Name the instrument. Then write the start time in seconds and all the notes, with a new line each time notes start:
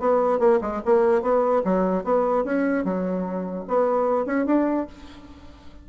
bassoon
0.00 B3
0.40 A#3
0.62 G#3
0.86 A#3
1.22 B3
1.65 F#3
2.04 B3
2.45 C#4
2.85 F#3
3.68 B3
4.26 C#4
4.46 D4